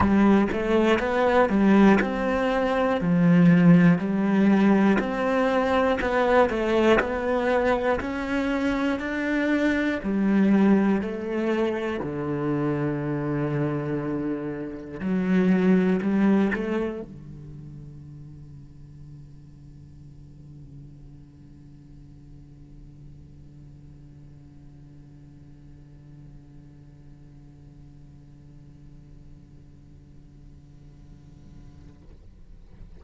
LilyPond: \new Staff \with { instrumentName = "cello" } { \time 4/4 \tempo 4 = 60 g8 a8 b8 g8 c'4 f4 | g4 c'4 b8 a8 b4 | cis'4 d'4 g4 a4 | d2. fis4 |
g8 a8 d2.~ | d1~ | d1~ | d1 | }